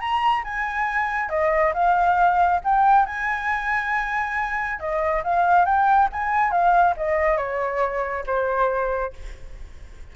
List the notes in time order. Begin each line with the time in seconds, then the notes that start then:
0.00 A#5
0.44 G#5
1.29 D#5
1.74 F5
2.64 G5
3.06 G#5
4.80 D#5
5.24 F5
5.65 G5
6.12 G#5
6.51 F5
6.97 D#5
7.38 C#5
8.26 C5